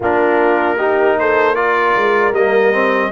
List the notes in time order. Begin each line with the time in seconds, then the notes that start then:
0.00 A#3 D4 F4 A#4
0.76 D#4 G4
1.19 A4 C5
1.55 F4 A#4 D5
1.95 G#3
2.31 G3 A#3 D#5
2.72 C4